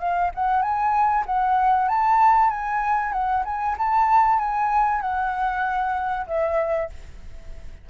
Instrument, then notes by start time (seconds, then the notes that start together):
flute
0.00 F5
0.36 F#5
0.62 G#5
1.26 F#5
1.89 A5
2.51 G#5
3.13 F#5
3.45 G#5
3.78 A5
4.39 G#5
5.02 F#5
6.28 E5